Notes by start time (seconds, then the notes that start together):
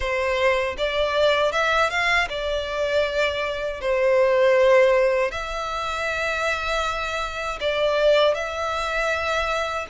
0.00 C5
0.77 D5
1.52 E5
1.90 F5
2.29 D5
3.80 C5
5.31 E5
7.60 D5
8.34 E5